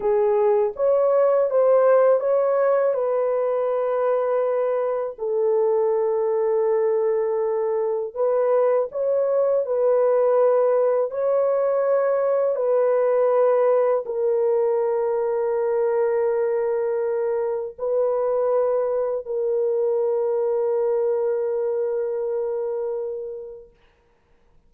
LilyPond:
\new Staff \with { instrumentName = "horn" } { \time 4/4 \tempo 4 = 81 gis'4 cis''4 c''4 cis''4 | b'2. a'4~ | a'2. b'4 | cis''4 b'2 cis''4~ |
cis''4 b'2 ais'4~ | ais'1 | b'2 ais'2~ | ais'1 | }